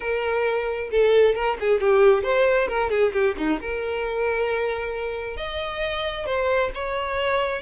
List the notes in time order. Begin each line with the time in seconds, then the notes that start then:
0.00 A#4
0.91 A4
1.34 A#4
1.60 G#4
1.80 G4
2.23 C5
2.67 A#4
2.90 G#4
3.13 G4
3.37 D#4
3.60 A#4
5.36 D#5
6.26 C5
6.74 C#5